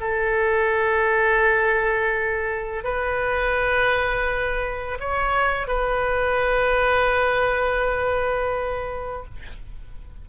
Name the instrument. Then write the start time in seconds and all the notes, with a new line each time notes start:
oboe
0.00 A4
2.84 B4
5.00 C#5
5.67 B4